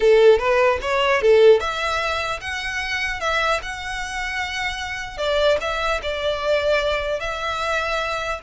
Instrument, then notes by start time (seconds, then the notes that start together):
violin
0.00 A4
0.38 B4
0.81 C#5
1.21 A4
1.59 E5
2.40 F#5
3.20 E5
3.62 F#5
5.17 D5
5.60 E5
6.02 D5
7.20 E5